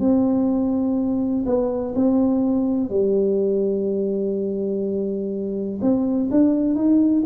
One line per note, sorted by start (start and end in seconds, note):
0.00 1.45 C4
1.46 1.94 B3
1.95 2.90 C4
2.90 5.80 G3
5.82 6.30 C4
6.31 6.75 D4
6.75 7.23 D#4